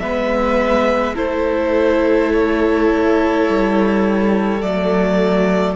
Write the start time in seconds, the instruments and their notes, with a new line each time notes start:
0.00 cello G#3, viola B3, violin B4 E5
1.15 cello A3, viola E4, violin A4 C5
2.33 violin C#5
3.49 cello G3
4.62 cello F#3, viola A3, violin D5